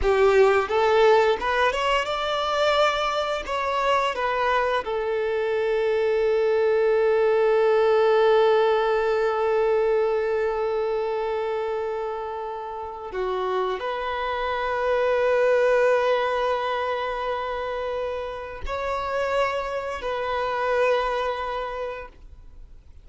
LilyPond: \new Staff \with { instrumentName = "violin" } { \time 4/4 \tempo 4 = 87 g'4 a'4 b'8 cis''8 d''4~ | d''4 cis''4 b'4 a'4~ | a'1~ | a'1~ |
a'2. fis'4 | b'1~ | b'2. cis''4~ | cis''4 b'2. | }